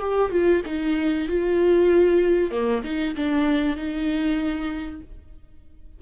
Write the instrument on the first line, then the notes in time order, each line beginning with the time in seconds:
viola
0.00 G4
0.31 F4
0.66 D#4
1.29 F4
2.51 A#3
2.84 D#4
3.16 D4
3.76 D#4